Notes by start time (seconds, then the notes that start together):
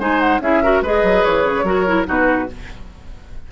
0.00 G#3 D#4 C5 G#5
0.20 F#5
0.40 C#4 E4 G#4 E5
0.63 F#4 A#4
0.82 G#3 G#4 B4 D#5
1.03 F#3
1.24 E3 C#5
1.45 C#3
1.64 F#3 F#4 A#4
1.87 E4
2.06 B2 D#4 F#4 B4